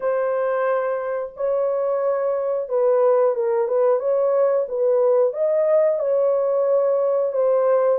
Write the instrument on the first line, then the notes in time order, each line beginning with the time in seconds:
horn
0.00 C5
1.36 C#5
2.68 B4
3.35 A#4
3.67 B4
3.99 C#5
4.68 B4
5.33 D#5
5.99 C#5
7.32 C5